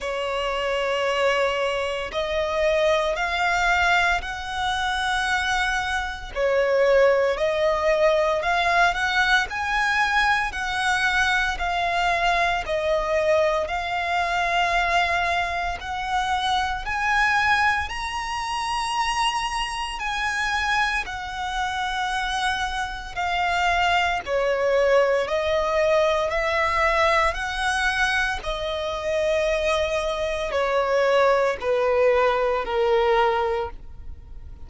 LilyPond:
\new Staff \with { instrumentName = "violin" } { \time 4/4 \tempo 4 = 57 cis''2 dis''4 f''4 | fis''2 cis''4 dis''4 | f''8 fis''8 gis''4 fis''4 f''4 | dis''4 f''2 fis''4 |
gis''4 ais''2 gis''4 | fis''2 f''4 cis''4 | dis''4 e''4 fis''4 dis''4~ | dis''4 cis''4 b'4 ais'4 | }